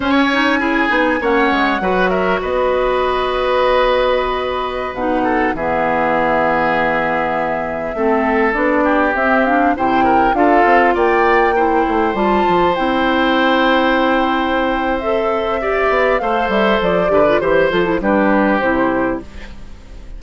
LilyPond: <<
  \new Staff \with { instrumentName = "flute" } { \time 4/4 \tempo 4 = 100 gis''2 fis''4. e''8 | dis''1~ | dis''16 fis''4 e''2~ e''8.~ | e''2~ e''16 d''4 e''8 f''16~ |
f''16 g''4 f''4 g''4.~ g''16~ | g''16 a''4 g''2~ g''8.~ | g''4 e''2 f''8 e''8 | d''4 c''8 a'8 b'4 c''4 | }
  \new Staff \with { instrumentName = "oboe" } { \time 4/4 cis''4 gis'4 cis''4 b'8 ais'8 | b'1~ | b'8. a'8 gis'2~ gis'8.~ | gis'4~ gis'16 a'4. g'4~ g'16~ |
g'16 c''8 ais'8 a'4 d''4 c''8.~ | c''1~ | c''2 d''4 c''4~ | c''8 b'8 c''4 g'2 | }
  \new Staff \with { instrumentName = "clarinet" } { \time 4/4 cis'8 dis'8 e'8 dis'8 cis'4 fis'4~ | fis'1~ | fis'16 dis'4 b2~ b8.~ | b4~ b16 c'4 d'4 c'8 d'16~ |
d'16 e'4 f'2 e'8.~ | e'16 f'4 e'2~ e'8.~ | e'4 a'4 g'4 a'4~ | a'8 g'16 f'16 g'8 f'16 e'16 d'4 e'4 | }
  \new Staff \with { instrumentName = "bassoon" } { \time 4/4 cis'4. b8 ais8 gis8 fis4 | b1~ | b16 b,4 e2~ e8.~ | e4~ e16 a4 b4 c'8.~ |
c'16 c4 d'8 c'8 ais4. a16~ | a16 g8 f8 c'2~ c'8.~ | c'2~ c'8 b8 a8 g8 | f8 d8 e8 f8 g4 c4 | }
>>